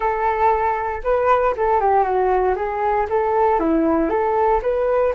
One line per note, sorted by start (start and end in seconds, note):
0.00 1.01 A4
1.03 1.55 B4
1.56 1.80 A4
1.80 2.03 G4
2.03 2.55 F#4
2.55 3.06 G#4
3.09 3.59 A4
3.59 4.09 E4
4.09 4.60 A4
4.62 5.14 B4